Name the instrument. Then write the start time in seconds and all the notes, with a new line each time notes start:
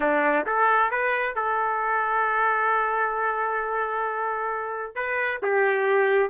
trumpet
0.00 D4
0.46 A4
0.90 B4
1.35 A4
4.95 B4
5.42 G4